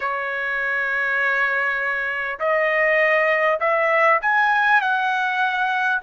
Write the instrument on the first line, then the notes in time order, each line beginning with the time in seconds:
trumpet
0.00 C#5
2.39 D#5
3.60 E5
4.21 G#5
4.81 F#5